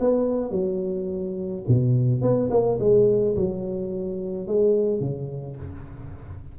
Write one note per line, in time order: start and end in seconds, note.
0.00 0.51 B3
0.51 1.63 F#3
1.68 2.21 B2
2.21 2.50 B3
2.50 2.78 A#3
2.80 3.36 G#3
3.36 4.47 F#3
4.47 5.00 G#3
5.00 5.56 C#3